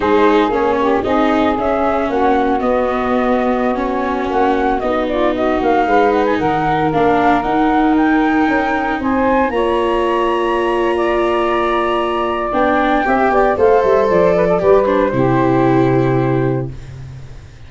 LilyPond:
<<
  \new Staff \with { instrumentName = "flute" } { \time 4/4 \tempo 4 = 115 c''4 cis''4 dis''4 e''4 | fis''4 dis''2~ dis''16 cis''8.~ | cis''16 fis''4 dis''8 d''8 dis''8 f''4 fis''16 | gis''16 fis''4 f''4 fis''4 g''8.~ |
g''4~ g''16 gis''4 ais''4.~ ais''16~ | ais''1 | g''2 f''8 e''8 d''4~ | d''8 c''2.~ c''8 | }
  \new Staff \with { instrumentName = "saxophone" } { \time 4/4 gis'4. g'8 gis'2 | fis'1~ | fis'4.~ fis'16 f'8 fis'4 b'8.~ | b'16 ais'2.~ ais'8.~ |
ais'4~ ais'16 c''4 cis''4.~ cis''16~ | cis''4 d''2.~ | d''4 e''8 d''8 c''4. b'16 a'16 | b'4 g'2. | }
  \new Staff \with { instrumentName = "viola" } { \time 4/4 dis'4 cis'4 dis'4 cis'4~ | cis'4 b2~ b16 cis'8.~ | cis'4~ cis'16 dis'2~ dis'8.~ | dis'4~ dis'16 d'4 dis'4.~ dis'16~ |
dis'2~ dis'16 f'4.~ f'16~ | f'1 | d'4 g'4 a'2 | g'8 d'8 e'2. | }
  \new Staff \with { instrumentName = "tuba" } { \time 4/4 gis4 ais4 c'4 cis'4 | ais4 b2.~ | b16 ais4 b4. ais8 gis8.~ | gis16 dis4 ais4 dis'4.~ dis'16~ |
dis'16 cis'4 c'4 ais4.~ ais16~ | ais1 | b4 c'8 b8 a8 g8 f4 | g4 c2. | }
>>